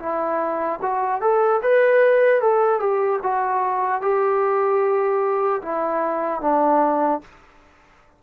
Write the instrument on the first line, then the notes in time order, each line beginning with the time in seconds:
trombone
0.00 E4
0.82 F#4
1.21 A4
1.63 B4
2.41 A4
2.80 G4
3.23 F#4
4.02 G4
5.63 E4
6.41 D4